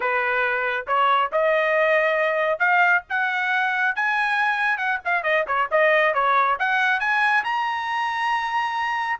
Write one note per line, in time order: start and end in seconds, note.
0.00 0.86 B4
0.87 1.31 C#5
1.32 2.59 D#5
2.59 3.03 F5
3.09 3.95 F#5
3.95 4.77 G#5
4.77 4.99 F#5
5.04 5.23 F5
5.23 5.45 D#5
5.47 5.69 C#5
5.71 6.14 D#5
6.14 6.57 C#5
6.59 7.00 F#5
7.00 7.43 G#5
7.44 9.19 A#5